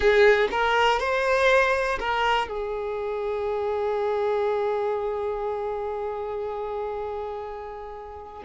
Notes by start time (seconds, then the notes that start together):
0.00 G#4
0.51 A#4
0.99 C5
1.99 A#4
2.48 G#4